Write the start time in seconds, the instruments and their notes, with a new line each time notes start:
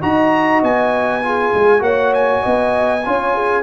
0.00 tuba D#4, trombone F#4, horn D#5, trumpet A#5
0.63 tuba B3, trumpet G#5
1.23 trombone F4, horn G#4
1.54 tuba G#3
1.79 tuba A#3, trombone F#4, horn C#5, trumpet F#5
2.14 trumpet G#5
2.43 tuba B3, horn D#5
3.06 tuba C#4, trombone F4, horn C#5
3.35 horn G#4